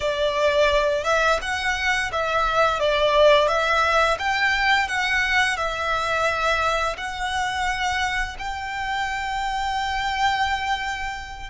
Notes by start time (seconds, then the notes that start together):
0.00 D5
1.04 E5
1.41 F#5
2.12 E5
2.79 D5
3.48 E5
4.18 G5
4.87 F#5
5.57 E5
6.97 F#5
8.38 G5